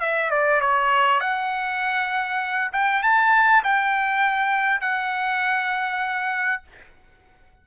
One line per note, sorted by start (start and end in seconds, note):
0.00 0.30 E5
0.30 0.60 D5
0.61 1.20 C#5
1.20 2.72 F#5
2.72 3.02 G5
3.02 3.63 A5
3.63 4.81 G5
4.81 6.63 F#5